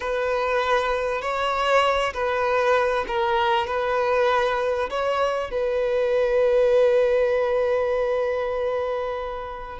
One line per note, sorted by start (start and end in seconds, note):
0.00 1.21 B4
1.21 2.13 C#5
2.13 3.05 B4
3.07 3.67 A#4
3.67 4.89 B4
4.90 5.50 C#5
5.50 9.79 B4